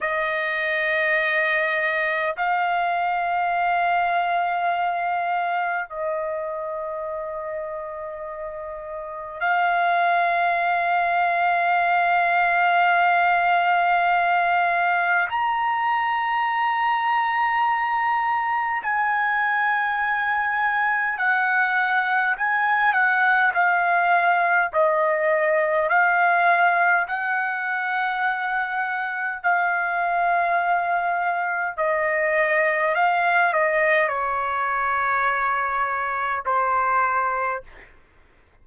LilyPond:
\new Staff \with { instrumentName = "trumpet" } { \time 4/4 \tempo 4 = 51 dis''2 f''2~ | f''4 dis''2. | f''1~ | f''4 ais''2. |
gis''2 fis''4 gis''8 fis''8 | f''4 dis''4 f''4 fis''4~ | fis''4 f''2 dis''4 | f''8 dis''8 cis''2 c''4 | }